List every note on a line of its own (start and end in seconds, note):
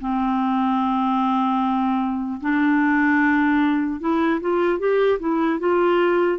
0.00 2.40 C4
2.40 4.00 D4
4.00 4.40 E4
4.41 4.79 F4
4.79 5.19 G4
5.19 5.59 E4
5.59 6.39 F4